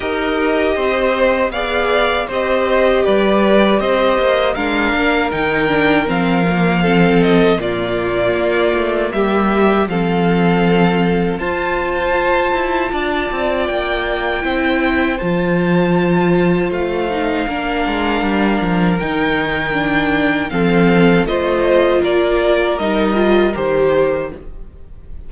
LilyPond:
<<
  \new Staff \with { instrumentName = "violin" } { \time 4/4 \tempo 4 = 79 dis''2 f''4 dis''4 | d''4 dis''4 f''4 g''4 | f''4. dis''8 d''2 | e''4 f''2 a''4~ |
a''2 g''2 | a''2 f''2~ | f''4 g''2 f''4 | dis''4 d''4 dis''4 c''4 | }
  \new Staff \with { instrumentName = "violin" } { \time 4/4 ais'4 c''4 d''4 c''4 | b'4 c''4 ais'2~ | ais'4 a'4 f'2 | g'4 a'2 c''4~ |
c''4 d''2 c''4~ | c''2. ais'4~ | ais'2. a'4 | c''4 ais'2. | }
  \new Staff \with { instrumentName = "viola" } { \time 4/4 g'2 gis'4 g'4~ | g'2 d'4 dis'8 d'8 | c'8 ais8 c'4 ais2~ | ais4 c'2 f'4~ |
f'2. e'4 | f'2~ f'8 dis'8 d'4~ | d'4 dis'4 d'4 c'4 | f'2 dis'8 f'8 g'4 | }
  \new Staff \with { instrumentName = "cello" } { \time 4/4 dis'4 c'4 b4 c'4 | g4 c'8 ais8 gis8 ais8 dis4 | f2 ais,4 ais8 a8 | g4 f2 f'4~ |
f'8 e'8 d'8 c'8 ais4 c'4 | f2 a4 ais8 gis8 | g8 f8 dis2 f4 | a4 ais4 g4 dis4 | }
>>